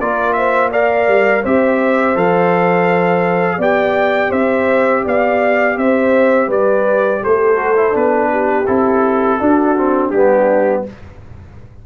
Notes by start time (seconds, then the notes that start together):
0.00 A#3 F4 A#4 D5
0.33 C5 E5
0.71 A#4 D5 F5
1.08 G3
1.43 C4 G4 C5 E5
2.15 F3 A4 F5
3.58 B3 G4 D5 G5
4.30 C4 C5 E5
5.05 B3 D5 F5
5.77 C4 C5 E5
6.47 G3 B4 D5
7.23 A3 A4 C5
7.56 F#4
7.76 E4
7.92 B3 D4 B4
8.31 G4
8.66 C4 E4 A4
9.40 D4 F#4
9.77 C4
10.10 G3 B3 D4 G4